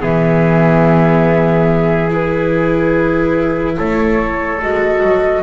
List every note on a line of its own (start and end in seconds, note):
0.00 3.78 E3
0.00 2.08 B3
0.00 3.76 G#4
0.00 2.10 E5
2.10 4.60 E4
2.10 3.78 B4
3.78 4.63 A3
3.78 5.43 A4
3.78 4.61 C#5
4.61 5.03 G#3
4.61 5.43 F#4
4.61 5.43 D#5
5.03 5.43 F#3